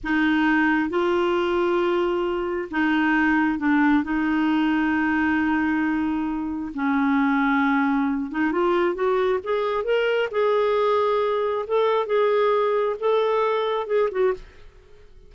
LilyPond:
\new Staff \with { instrumentName = "clarinet" } { \time 4/4 \tempo 4 = 134 dis'2 f'2~ | f'2 dis'2 | d'4 dis'2.~ | dis'2. cis'4~ |
cis'2~ cis'8 dis'8 f'4 | fis'4 gis'4 ais'4 gis'4~ | gis'2 a'4 gis'4~ | gis'4 a'2 gis'8 fis'8 | }